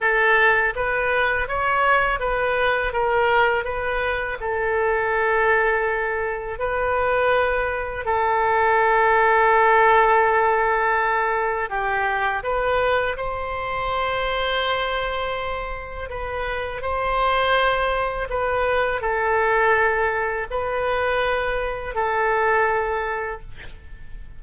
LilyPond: \new Staff \with { instrumentName = "oboe" } { \time 4/4 \tempo 4 = 82 a'4 b'4 cis''4 b'4 | ais'4 b'4 a'2~ | a'4 b'2 a'4~ | a'1 |
g'4 b'4 c''2~ | c''2 b'4 c''4~ | c''4 b'4 a'2 | b'2 a'2 | }